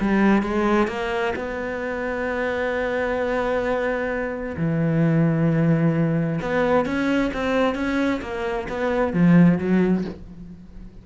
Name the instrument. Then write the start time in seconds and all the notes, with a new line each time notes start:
cello
0.00 G3
0.42 G#3
0.87 A#3
1.35 B3
4.56 E3
6.41 B3
6.85 C#4
7.33 C4
7.74 C#4
8.21 A#3
8.69 B3
9.13 F3
9.58 F#3